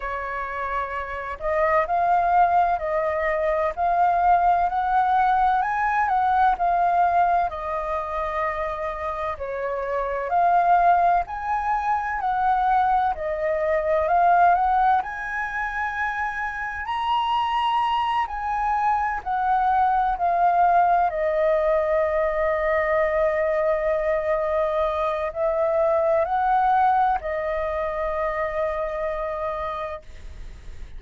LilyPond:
\new Staff \with { instrumentName = "flute" } { \time 4/4 \tempo 4 = 64 cis''4. dis''8 f''4 dis''4 | f''4 fis''4 gis''8 fis''8 f''4 | dis''2 cis''4 f''4 | gis''4 fis''4 dis''4 f''8 fis''8 |
gis''2 ais''4. gis''8~ | gis''8 fis''4 f''4 dis''4.~ | dis''2. e''4 | fis''4 dis''2. | }